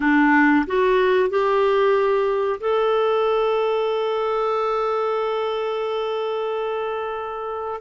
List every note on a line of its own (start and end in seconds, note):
0.00 0.65 D4
0.66 1.29 F#4
1.29 2.60 G4
2.60 7.80 A4